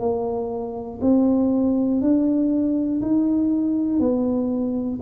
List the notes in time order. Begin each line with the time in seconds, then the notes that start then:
0.00 A#3
1.01 C4
2.01 D4
3.01 D#4
4.00 B3